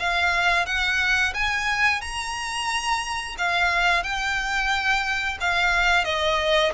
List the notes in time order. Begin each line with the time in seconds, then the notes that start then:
0.00 F5
0.66 F#5
1.35 G#5
2.02 A#5
3.39 F5
4.04 G5
5.41 F5
6.05 D#5